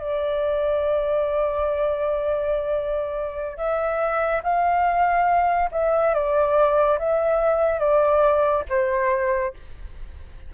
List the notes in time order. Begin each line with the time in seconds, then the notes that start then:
0.00 D5
3.58 E5
4.44 F5
5.72 E5
6.14 D5
6.99 E5
7.80 D5
8.70 C5